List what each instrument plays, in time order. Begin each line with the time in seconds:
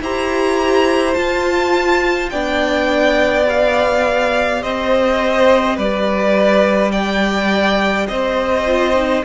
0.00 cello E4, viola G4, violin C5 A#5
1.13 viola F4, cello F4, violin A5
2.30 cello B3, viola D4, violin D5 G5
3.45 viola G4, violin F5
4.62 cello C4, violin C5 D#5
5.76 cello G3, violin B4 D5
6.91 violin D5 G5
8.07 cello C4, violin C5 D#5
8.65 viola F4
8.94 viola D#4